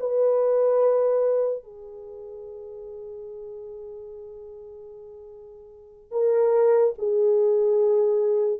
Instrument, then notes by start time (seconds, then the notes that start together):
horn
0.00 B4
1.64 G#4
6.12 A#4
6.99 G#4